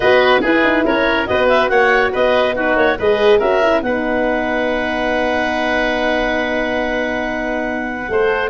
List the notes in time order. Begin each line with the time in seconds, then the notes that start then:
0.00 B3 F#4 B4 D#5
0.41 E4 G#4 B4
0.63 D#4
0.85 C#4 A#4 C#5
1.26 B3 F#4 B4 D#5
1.48 E5
1.68 A#3 C#5 F#5
2.12 B3 B4 D#5
2.55 D#4 F#4 B4
2.76 A#3 C#5
2.98 G#3 G#4 B4 D#5
3.38 C#4 F#4 A#4 E5
3.62 E4
3.82 B3 D#4 B4 F#5
8.08 A3 A4 C5